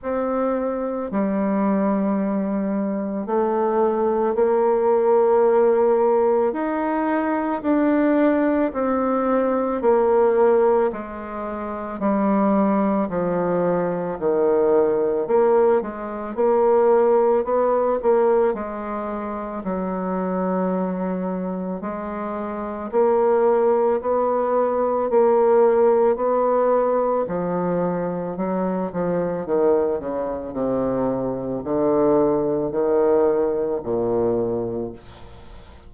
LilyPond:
\new Staff \with { instrumentName = "bassoon" } { \time 4/4 \tempo 4 = 55 c'4 g2 a4 | ais2 dis'4 d'4 | c'4 ais4 gis4 g4 | f4 dis4 ais8 gis8 ais4 |
b8 ais8 gis4 fis2 | gis4 ais4 b4 ais4 | b4 f4 fis8 f8 dis8 cis8 | c4 d4 dis4 ais,4 | }